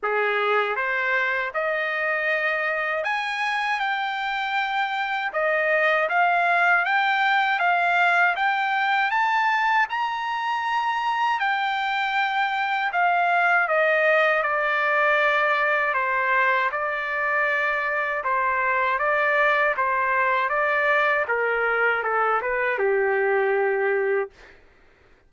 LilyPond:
\new Staff \with { instrumentName = "trumpet" } { \time 4/4 \tempo 4 = 79 gis'4 c''4 dis''2 | gis''4 g''2 dis''4 | f''4 g''4 f''4 g''4 | a''4 ais''2 g''4~ |
g''4 f''4 dis''4 d''4~ | d''4 c''4 d''2 | c''4 d''4 c''4 d''4 | ais'4 a'8 b'8 g'2 | }